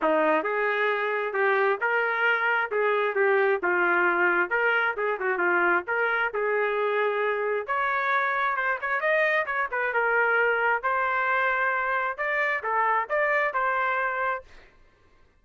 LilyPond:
\new Staff \with { instrumentName = "trumpet" } { \time 4/4 \tempo 4 = 133 dis'4 gis'2 g'4 | ais'2 gis'4 g'4 | f'2 ais'4 gis'8 fis'8 | f'4 ais'4 gis'2~ |
gis'4 cis''2 c''8 cis''8 | dis''4 cis''8 b'8 ais'2 | c''2. d''4 | a'4 d''4 c''2 | }